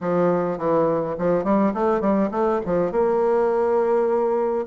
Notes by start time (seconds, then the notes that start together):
0.00 F3
0.57 E3
1.18 F3
1.44 G3
1.73 A3
2.00 G3
2.31 A3
2.65 F3
2.91 A#3